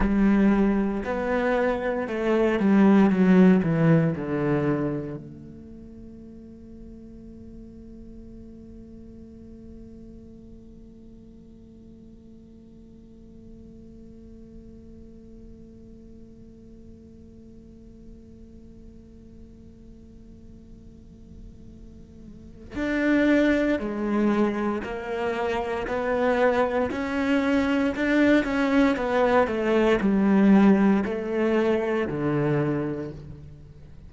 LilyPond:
\new Staff \with { instrumentName = "cello" } { \time 4/4 \tempo 4 = 58 g4 b4 a8 g8 fis8 e8 | d4 a2.~ | a1~ | a1~ |
a1~ | a2 d'4 gis4 | ais4 b4 cis'4 d'8 cis'8 | b8 a8 g4 a4 d4 | }